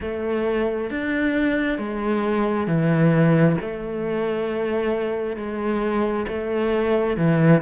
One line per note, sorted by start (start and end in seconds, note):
0.00 0.90 A3
0.90 1.78 D4
1.78 2.67 G#3
2.67 3.56 E3
3.61 5.36 A3
5.36 6.26 G#3
6.28 7.16 A3
7.16 7.61 E3